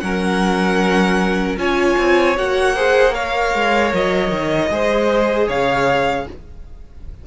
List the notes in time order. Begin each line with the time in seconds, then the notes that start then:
0.00 F#3 C#4 A#4 F#5
1.56 C#4 F4 C#5 G#5
1.98 C4
2.36 A#3 F#4 F#5
2.75 G#4 C5
3.13 A#4 C#5 F5
3.54 G#3
3.94 F#3 D#5
4.31 D#3
4.70 G#3 G#4 C5
5.48 C#3 C#5 F5